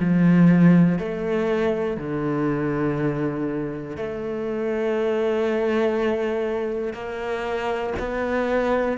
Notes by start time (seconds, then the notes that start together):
0.00 F3
0.99 A3
1.97 D3
3.97 A3
6.94 A#3
8.00 B3